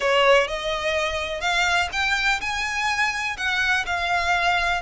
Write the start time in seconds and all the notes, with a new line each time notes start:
0.00 C#5
0.47 D#5
1.40 F5
1.92 G5
2.40 G#5
3.37 F#5
3.86 F5